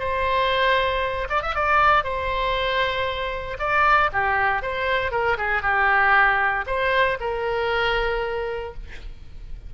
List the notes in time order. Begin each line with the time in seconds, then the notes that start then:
0.00 C5
1.30 D5
1.43 E5
1.55 D5
2.04 C5
3.60 D5
4.13 G4
4.63 C5
5.12 A#4
5.38 G#4
5.63 G4
6.67 C5
7.21 A#4